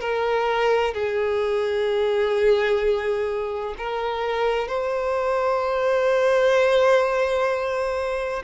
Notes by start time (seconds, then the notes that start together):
0.00 A#4
0.94 G#4
3.78 A#4
4.68 C5